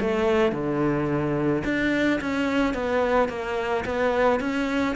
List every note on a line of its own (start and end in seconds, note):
0.00 0.52 A3
0.52 1.63 D3
1.64 2.20 D4
2.20 2.74 C#4
2.74 3.29 B3
3.29 3.84 A#3
3.85 4.40 B3
4.40 4.95 C#4